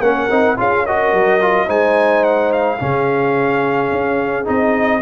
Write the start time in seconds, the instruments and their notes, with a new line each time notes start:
0.00 tuba A#3, trombone C#4, horn A#4, trumpet F#5
0.30 tuba C4, trombone D#4
0.57 tuba C#4, trombone F4, horn G#4, trumpet F5
0.86 trombone F#4, horn A#4, trumpet D#5
1.13 tuba F#3
1.41 trombone F4
1.67 tuba G#3, trombone D#4, horn C5, trumpet G#5
2.24 trumpet F#5
2.52 trumpet F5
2.79 tuba C#3, trombone C#4, horn G#4
3.92 tuba C#4
4.45 tuba C4, trombone D#4, trumpet D#5